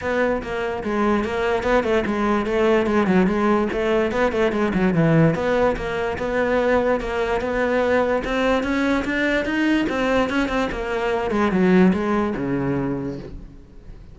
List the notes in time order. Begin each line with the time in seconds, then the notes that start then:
0.01 B3
0.42 A#3
0.83 G#3
1.24 A#3
1.63 B3
1.83 A3
2.06 G#3
2.46 A3
2.86 G#3
3.06 F#3
3.27 G#3
3.72 A3
4.11 B3
4.32 A3
4.51 G#3
4.74 F#3
4.93 E3
5.34 B3
5.76 A#3
6.18 B3
7.00 A#3
7.40 B3
8.24 C4
8.63 C#4
9.04 D4
9.45 D#4
9.89 C4
10.29 C#4
10.48 C4
10.71 A#3
11.31 G#3
11.51 F#3
11.93 G#3
12.36 C#3